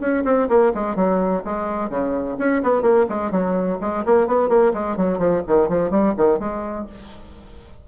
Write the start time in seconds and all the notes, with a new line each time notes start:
0.00 C#4
0.24 C4
0.49 A#3
0.74 G#3
0.96 F#3
1.44 G#3
1.90 C#3
2.38 C#4
2.63 B3
2.82 A#3
3.09 G#3
3.31 F#3
3.81 G#3
4.05 A#3
4.27 B3
4.49 A#3
4.74 G#3
4.97 F#3
5.18 F3
5.47 D#3
5.69 F3
5.90 G3
6.17 D#3
6.39 G#3